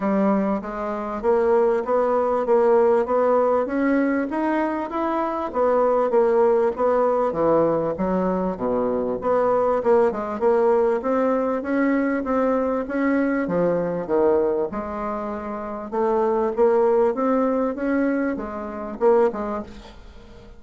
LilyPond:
\new Staff \with { instrumentName = "bassoon" } { \time 4/4 \tempo 4 = 98 g4 gis4 ais4 b4 | ais4 b4 cis'4 dis'4 | e'4 b4 ais4 b4 | e4 fis4 b,4 b4 |
ais8 gis8 ais4 c'4 cis'4 | c'4 cis'4 f4 dis4 | gis2 a4 ais4 | c'4 cis'4 gis4 ais8 gis8 | }